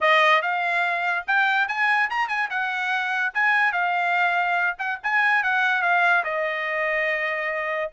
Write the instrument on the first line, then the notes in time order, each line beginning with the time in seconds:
trumpet
0.00 D#5
0.41 F5
1.27 G5
1.68 G#5
2.09 A#5
2.28 G#5
2.50 F#5
3.34 G#5
3.72 F5
4.78 F#5
5.03 G#5
5.43 F#5
5.81 F5
6.24 D#5